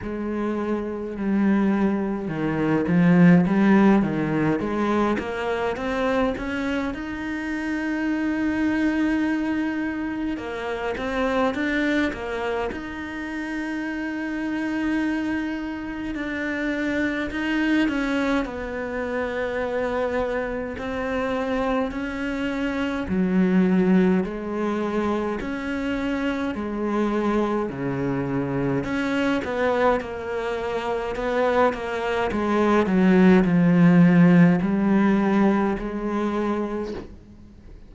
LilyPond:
\new Staff \with { instrumentName = "cello" } { \time 4/4 \tempo 4 = 52 gis4 g4 dis8 f8 g8 dis8 | gis8 ais8 c'8 cis'8 dis'2~ | dis'4 ais8 c'8 d'8 ais8 dis'4~ | dis'2 d'4 dis'8 cis'8 |
b2 c'4 cis'4 | fis4 gis4 cis'4 gis4 | cis4 cis'8 b8 ais4 b8 ais8 | gis8 fis8 f4 g4 gis4 | }